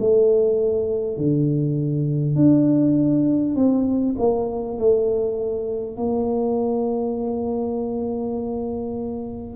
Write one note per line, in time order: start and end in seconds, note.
0.00 1.17 A3
1.17 2.36 D3
2.36 3.56 D4
3.56 4.16 C4
4.19 4.78 A#3
4.78 5.97 A3
5.97 9.57 A#3